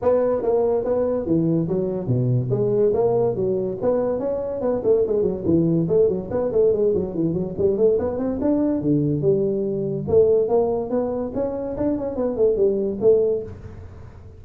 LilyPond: \new Staff \with { instrumentName = "tuba" } { \time 4/4 \tempo 4 = 143 b4 ais4 b4 e4 | fis4 b,4 gis4 ais4 | fis4 b4 cis'4 b8 a8 | gis8 fis8 e4 a8 fis8 b8 a8 |
gis8 fis8 e8 fis8 g8 a8 b8 c'8 | d'4 d4 g2 | a4 ais4 b4 cis'4 | d'8 cis'8 b8 a8 g4 a4 | }